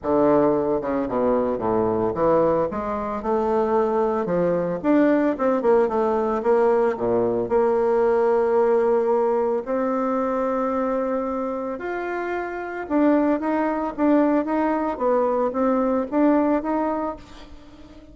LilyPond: \new Staff \with { instrumentName = "bassoon" } { \time 4/4 \tempo 4 = 112 d4. cis8 b,4 a,4 | e4 gis4 a2 | f4 d'4 c'8 ais8 a4 | ais4 ais,4 ais2~ |
ais2 c'2~ | c'2 f'2 | d'4 dis'4 d'4 dis'4 | b4 c'4 d'4 dis'4 | }